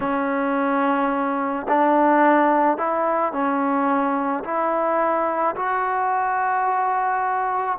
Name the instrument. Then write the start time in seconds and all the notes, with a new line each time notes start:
trombone
0.00 C#4
1.68 D4
2.77 E4
3.32 C#4
4.43 E4
5.56 F#4